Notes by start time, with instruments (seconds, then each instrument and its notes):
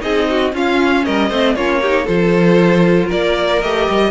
0.00 cello C4, viola D#4, violin G#4 D#5
0.29 violin F#4
0.52 cello C#4, viola C#4, violin F4 F5
1.05 cello G3, violin A#4 D#5
1.28 cello A3, viola C4, violin C5
1.55 cello A#3, viola C#4, violin F4 C#5
1.81 viola D#4, violin G4
2.03 cello F3, viola F4, violin A4 C5
3.06 cello A#3, violin A#4 D5
3.62 cello A3, viola G4, violin D#5
3.89 cello G3